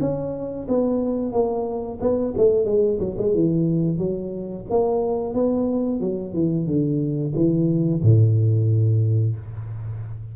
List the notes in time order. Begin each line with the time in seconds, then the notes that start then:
0.00 C#4
0.68 B3
1.32 A#3
2.00 B3
2.37 A3
2.65 G#3
2.99 F#3
3.18 G#3
3.34 E3
3.98 F#3
4.69 A#3
5.34 B3
6.00 F#3
6.33 E3
6.66 D3
7.35 E3
8.02 A2